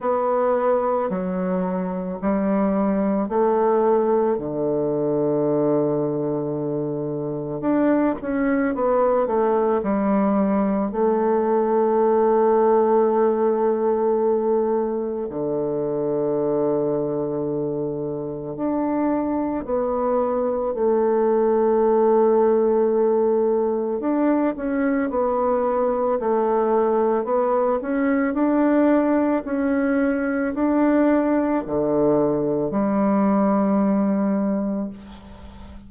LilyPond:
\new Staff \with { instrumentName = "bassoon" } { \time 4/4 \tempo 4 = 55 b4 fis4 g4 a4 | d2. d'8 cis'8 | b8 a8 g4 a2~ | a2 d2~ |
d4 d'4 b4 a4~ | a2 d'8 cis'8 b4 | a4 b8 cis'8 d'4 cis'4 | d'4 d4 g2 | }